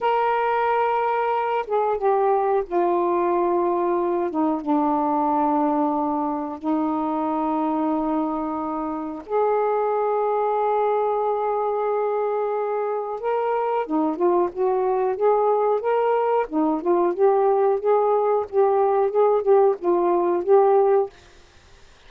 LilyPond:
\new Staff \with { instrumentName = "saxophone" } { \time 4/4 \tempo 4 = 91 ais'2~ ais'8 gis'8 g'4 | f'2~ f'8 dis'8 d'4~ | d'2 dis'2~ | dis'2 gis'2~ |
gis'1 | ais'4 dis'8 f'8 fis'4 gis'4 | ais'4 dis'8 f'8 g'4 gis'4 | g'4 gis'8 g'8 f'4 g'4 | }